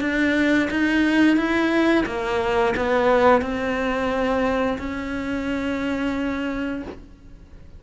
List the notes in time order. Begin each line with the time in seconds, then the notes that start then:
0.00 D4
0.70 D#4
1.36 E4
2.06 A#3
2.76 B3
3.41 C4
4.78 C#4